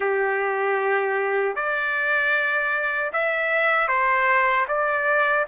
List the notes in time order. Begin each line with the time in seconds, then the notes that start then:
0.00 G4
1.55 D5
3.12 E5
3.87 C5
4.68 D5